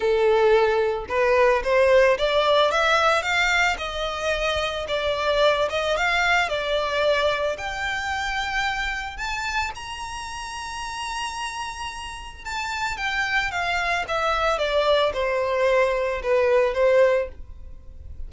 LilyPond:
\new Staff \with { instrumentName = "violin" } { \time 4/4 \tempo 4 = 111 a'2 b'4 c''4 | d''4 e''4 f''4 dis''4~ | dis''4 d''4. dis''8 f''4 | d''2 g''2~ |
g''4 a''4 ais''2~ | ais''2. a''4 | g''4 f''4 e''4 d''4 | c''2 b'4 c''4 | }